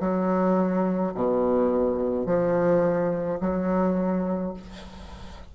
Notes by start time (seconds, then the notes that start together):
0.00 F#3
1.14 B2
2.26 F3
3.40 F#3